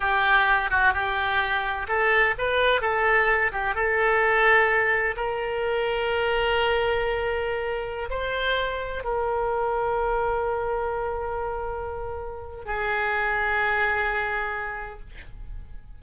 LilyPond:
\new Staff \with { instrumentName = "oboe" } { \time 4/4 \tempo 4 = 128 g'4. fis'8 g'2 | a'4 b'4 a'4. g'8 | a'2. ais'4~ | ais'1~ |
ais'4~ ais'16 c''2 ais'8.~ | ais'1~ | ais'2. gis'4~ | gis'1 | }